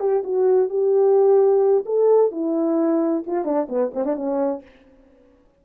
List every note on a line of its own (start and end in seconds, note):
0.00 0.23 G4
0.24 0.69 F#4
0.69 1.85 G4
1.85 2.32 A4
2.32 3.24 E4
3.27 3.44 F4
3.44 3.68 D4
3.69 3.92 B3
3.94 4.05 C4
4.05 4.16 D4
4.16 4.62 C#4